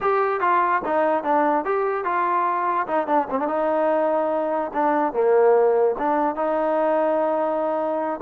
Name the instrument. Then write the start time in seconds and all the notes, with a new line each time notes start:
trombone
0.00 G4
0.40 F4
0.84 D#4
1.23 D4
1.64 G4
2.04 F4
2.87 D#4
3.07 D4
3.30 C4
3.39 D4
3.47 D#4
4.73 D4
5.13 A#3
5.98 D4
6.35 D#4